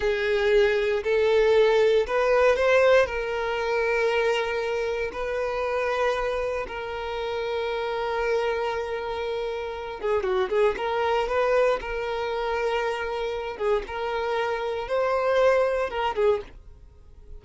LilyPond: \new Staff \with { instrumentName = "violin" } { \time 4/4 \tempo 4 = 117 gis'2 a'2 | b'4 c''4 ais'2~ | ais'2 b'2~ | b'4 ais'2.~ |
ais'2.~ ais'8 gis'8 | fis'8 gis'8 ais'4 b'4 ais'4~ | ais'2~ ais'8 gis'8 ais'4~ | ais'4 c''2 ais'8 gis'8 | }